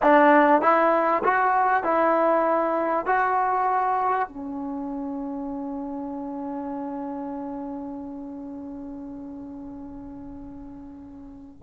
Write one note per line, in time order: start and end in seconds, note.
0.02 0.61 D4
0.61 1.22 E4
1.24 1.83 F#4
1.83 3.06 E4
3.06 4.28 F#4
4.28 11.63 C#4